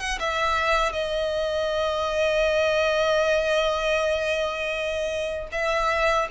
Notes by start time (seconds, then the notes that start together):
0.00 F#5
0.20 E5
0.93 D#5
5.52 E5